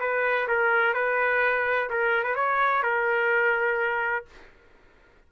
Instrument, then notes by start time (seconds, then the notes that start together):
trumpet
0.00 B4
0.48 A#4
0.94 B4
1.90 A#4
2.23 B4
2.35 C#5
2.83 A#4